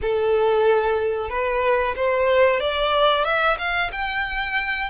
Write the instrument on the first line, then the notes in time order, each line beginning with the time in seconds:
violin
0.01 A4
1.29 B4
1.96 C5
2.59 D5
3.24 E5
3.58 F5
3.92 G5